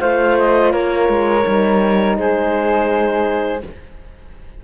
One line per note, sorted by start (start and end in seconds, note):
0.00 0.73 A3
0.00 1.43 F4
0.00 0.72 C5
0.00 0.36 F5
0.38 0.71 D#5
0.71 1.08 A#3
0.71 2.17 A#4
0.71 2.16 C#5
1.08 1.44 G#3
1.43 2.17 G3
1.43 3.60 D#4
2.17 3.62 G#3
2.17 3.64 G#4
2.17 3.62 C5